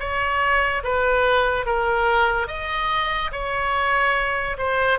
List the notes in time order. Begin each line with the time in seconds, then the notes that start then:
0.00 C#5
0.84 B4
1.66 A#4
2.48 D#5
3.32 C#5
4.58 C5